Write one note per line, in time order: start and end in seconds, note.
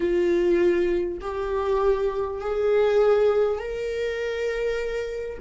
0.00 1.18 F4
1.20 2.40 G4
2.41 3.58 G#4
3.58 5.38 A#4